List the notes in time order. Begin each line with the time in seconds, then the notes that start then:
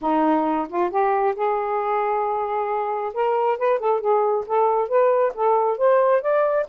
0.01 D#4
0.68 F4
0.90 G4
1.35 G#4
3.13 A#4
3.58 B4
3.79 A4
4.00 G#4
4.46 A4
4.88 B4
5.34 A4
5.77 C5
6.21 D5